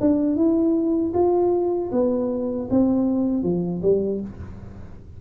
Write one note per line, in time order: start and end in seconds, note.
0.00 0.36 D4
0.36 1.13 E4
1.14 1.91 F4
1.92 2.69 B3
2.70 3.43 C4
3.43 3.81 F3
3.83 4.21 G3